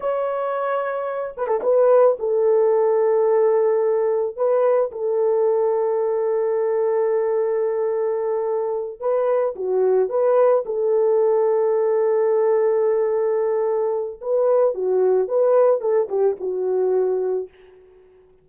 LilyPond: \new Staff \with { instrumentName = "horn" } { \time 4/4 \tempo 4 = 110 cis''2~ cis''8 b'16 a'16 b'4 | a'1 | b'4 a'2.~ | a'1~ |
a'8 b'4 fis'4 b'4 a'8~ | a'1~ | a'2 b'4 fis'4 | b'4 a'8 g'8 fis'2 | }